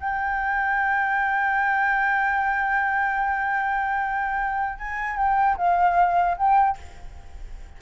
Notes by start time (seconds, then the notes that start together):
0.00 G5
4.79 G#5
5.17 G5
5.57 F5
6.38 G5